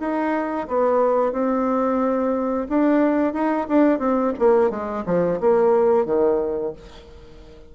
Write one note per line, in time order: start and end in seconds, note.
0.00 0.67 D#4
0.68 1.32 B3
1.32 2.67 C4
2.69 3.33 D4
3.33 3.67 D#4
3.69 3.99 D4
3.99 4.33 C4
4.39 4.70 A#3
4.70 5.04 G#3
5.06 5.40 F3
5.41 6.06 A#3
6.06 6.73 D#3